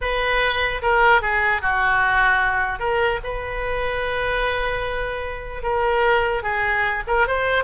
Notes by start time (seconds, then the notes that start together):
0.01 B4
0.81 A#4
1.21 G#4
1.61 F#4
2.79 A#4
3.23 B4
5.62 A#4
6.42 G#4
7.07 A#4
7.27 C5